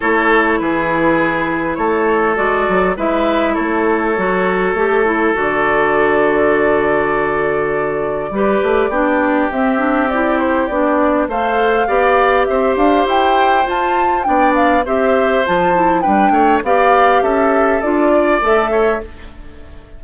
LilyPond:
<<
  \new Staff \with { instrumentName = "flute" } { \time 4/4 \tempo 4 = 101 cis''4 b'2 cis''4 | d''4 e''4 cis''2~ | cis''4 d''2.~ | d''1 |
e''4 d''8 c''8 d''4 f''4~ | f''4 e''8 f''8 g''4 a''4 | g''8 f''8 e''4 a''4 g''4 | f''4 e''4 d''4 e''4 | }
  \new Staff \with { instrumentName = "oboe" } { \time 4/4 a'4 gis'2 a'4~ | a'4 b'4 a'2~ | a'1~ | a'2 b'4 g'4~ |
g'2. c''4 | d''4 c''2. | d''4 c''2 b'8 cis''8 | d''4 a'4. d''4 cis''8 | }
  \new Staff \with { instrumentName = "clarinet" } { \time 4/4 e'1 | fis'4 e'2 fis'4 | g'8 e'8 fis'2.~ | fis'2 g'4 d'4 |
c'8 d'8 e'4 d'4 a'4 | g'2. f'4 | d'4 g'4 f'8 e'8 d'4 | g'2 f'4 a'4 | }
  \new Staff \with { instrumentName = "bassoon" } { \time 4/4 a4 e2 a4 | gis8 fis8 gis4 a4 fis4 | a4 d2.~ | d2 g8 a8 b4 |
c'2 b4 a4 | b4 c'8 d'8 e'4 f'4 | b4 c'4 f4 g8 a8 | b4 cis'4 d'4 a4 | }
>>